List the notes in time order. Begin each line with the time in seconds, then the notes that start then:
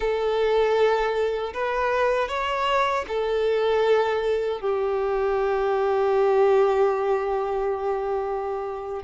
0.00 A4
1.53 B4
2.28 C#5
3.08 A4
4.60 G4